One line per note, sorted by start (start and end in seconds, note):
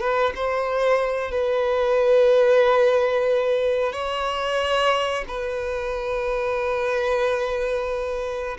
0.00 0.33 B4
0.35 1.31 C5
1.31 3.93 B4
3.93 5.24 C#5
5.28 8.57 B4